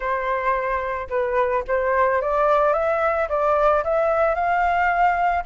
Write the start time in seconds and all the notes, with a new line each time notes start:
0.00 C5
1.09 B4
1.67 C5
2.21 D5
2.73 E5
3.29 D5
3.84 E5
4.34 F5